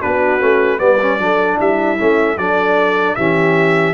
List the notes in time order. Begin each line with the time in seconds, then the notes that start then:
0.00 B3 D4 F#4 B4
0.39 A3 C#4
0.78 G3 B3 B4 D5
1.01 C#4
1.19 F#3 D4 A4
1.56 G3 E4 E5
1.98 A3 C#4
2.37 F#3 D4 A4 D5
3.15 E3 C#4 G4 E5